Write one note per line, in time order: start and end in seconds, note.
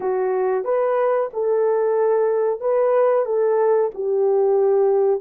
0.00 0.64 F#4
0.64 1.29 B4
1.33 2.60 A4
2.60 3.25 B4
3.25 3.90 A4
3.94 5.21 G4